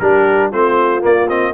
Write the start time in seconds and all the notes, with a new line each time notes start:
0.00 G3 D4 G4 A#4
0.51 A3 C4 F4 C5
1.01 A#3 D5
1.29 C4 D#5